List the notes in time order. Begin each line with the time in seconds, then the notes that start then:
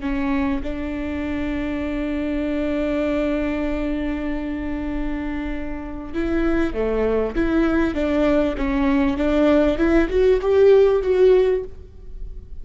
0.00 C#4
0.62 D4
6.13 E4
6.73 A3
7.35 E4
7.94 D4
8.57 C#4
9.17 D4
9.77 E4
10.09 F#4
10.41 G4
11.02 F#4